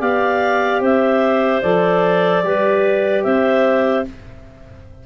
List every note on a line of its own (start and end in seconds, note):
0.00 0.81 B3
0.00 1.63 G4
0.00 0.81 D5
0.00 0.82 F5
0.81 1.62 C4
0.81 2.43 C5
0.81 1.62 E5
1.62 2.44 F3
1.62 2.44 A4
1.62 3.24 D5
2.44 3.25 G3
2.44 4.07 G4
2.44 3.24 B4
3.24 4.06 C4
3.24 4.05 C5
3.24 4.05 E5